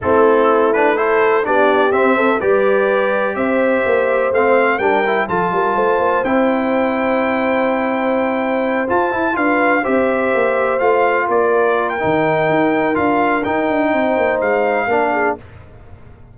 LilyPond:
<<
  \new Staff \with { instrumentName = "trumpet" } { \time 4/4 \tempo 4 = 125 a'4. b'8 c''4 d''4 | e''4 d''2 e''4~ | e''4 f''4 g''4 a''4~ | a''4 g''2.~ |
g''2~ g''8 a''4 f''8~ | f''8 e''2 f''4 d''8~ | d''8. g''2~ g''16 f''4 | g''2 f''2 | }
  \new Staff \with { instrumentName = "horn" } { \time 4/4 e'2 a'4 g'4~ | g'8 a'8 b'2 c''4~ | c''2 ais'4 a'8 ais'8 | c''1~ |
c''2.~ c''8 b'8~ | b'8 c''2. ais'8~ | ais'1~ | ais'4 c''2 ais'8 gis'8 | }
  \new Staff \with { instrumentName = "trombone" } { \time 4/4 c'4. d'8 e'4 d'4 | c'4 g'2.~ | g'4 c'4 d'8 e'8 f'4~ | f'4 e'2.~ |
e'2~ e'8 f'8 e'8 f'8~ | f'8 g'2 f'4.~ | f'4 dis'2 f'4 | dis'2. d'4 | }
  \new Staff \with { instrumentName = "tuba" } { \time 4/4 a2. b4 | c'4 g2 c'4 | ais4 a4 g4 f8 g8 | a8 ais8 c'2.~ |
c'2~ c'8 f'8 e'8 d'8~ | d'8 c'4 ais4 a4 ais8~ | ais4 dis4 dis'4 d'4 | dis'8 d'8 c'8 ais8 gis4 ais4 | }
>>